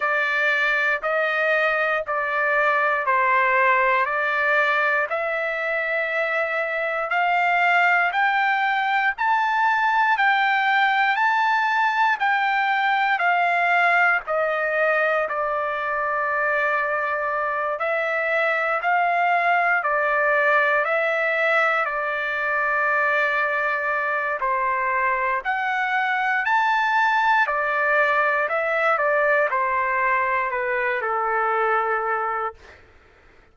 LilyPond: \new Staff \with { instrumentName = "trumpet" } { \time 4/4 \tempo 4 = 59 d''4 dis''4 d''4 c''4 | d''4 e''2 f''4 | g''4 a''4 g''4 a''4 | g''4 f''4 dis''4 d''4~ |
d''4. e''4 f''4 d''8~ | d''8 e''4 d''2~ d''8 | c''4 fis''4 a''4 d''4 | e''8 d''8 c''4 b'8 a'4. | }